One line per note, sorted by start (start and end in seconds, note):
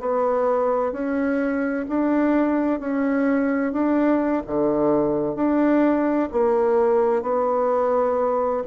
0.00 0.92 B3
0.92 1.86 C#4
1.89 2.80 D4
2.80 3.73 C#4
3.73 4.43 D4
4.47 5.36 D3
5.36 6.29 D4
6.32 7.23 A#3
7.23 8.63 B3